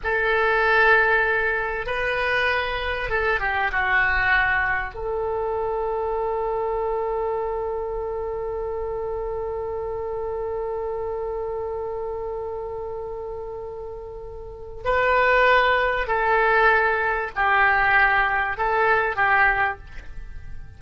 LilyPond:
\new Staff \with { instrumentName = "oboe" } { \time 4/4 \tempo 4 = 97 a'2. b'4~ | b'4 a'8 g'8 fis'2 | a'1~ | a'1~ |
a'1~ | a'1 | b'2 a'2 | g'2 a'4 g'4 | }